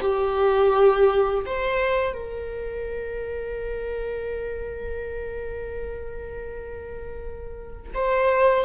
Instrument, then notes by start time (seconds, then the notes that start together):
viola
0.00 G4
1.45 C5
2.13 A#4
7.94 C5